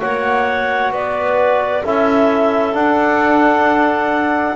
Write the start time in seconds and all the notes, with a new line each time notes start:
0.00 A#3 F#4 C#5 F#5
0.92 B3 B4 D5
1.84 C#4 E4 A4 E5
2.73 D4 F#5